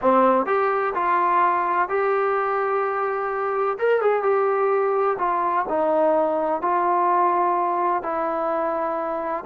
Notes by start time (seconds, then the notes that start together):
0.01 C4
0.46 G4
0.94 F4
1.88 G4
3.78 A#4
4.01 G#4
4.22 G4
5.18 F4
5.68 D#4
6.61 F4
8.03 E4